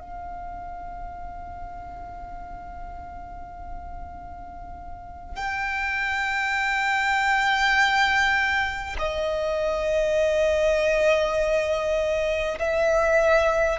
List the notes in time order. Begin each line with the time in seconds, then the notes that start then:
0.00 F5
5.36 G5
8.99 D#5
12.59 E5